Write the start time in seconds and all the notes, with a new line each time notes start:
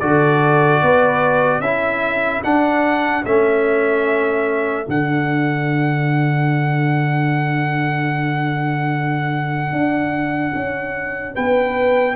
0.00 D3 F#4 A4 D5
0.82 B3 B4
1.60 C#4 E4 A4 E5
2.44 D4 F#5
3.25 A3 C#4 E5
4.86 D3 D4 F#5
9.73 D4
10.55 C#4
11.35 B3 B4 G5